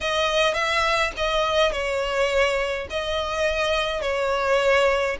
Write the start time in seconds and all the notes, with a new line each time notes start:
0.01 D#5
0.53 E5
1.16 D#5
1.72 C#5
2.90 D#5
4.01 C#5